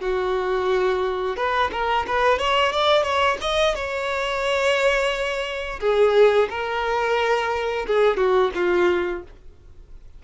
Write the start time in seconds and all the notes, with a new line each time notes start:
0.00 F#4
1.37 B4
1.72 A#4
2.07 B4
2.38 C#5
2.72 D5
3.03 C#5
3.41 D#5
3.75 C#5
5.80 G#4
6.50 A#4
7.87 G#4
8.17 F#4
8.54 F4